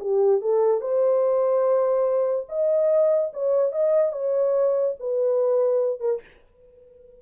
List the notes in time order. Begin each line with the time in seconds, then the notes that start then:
0.00 G4
0.41 A4
0.81 C5
2.49 D#5
3.33 C#5
3.72 D#5
4.12 C#5
5.00 B4
6.00 A#4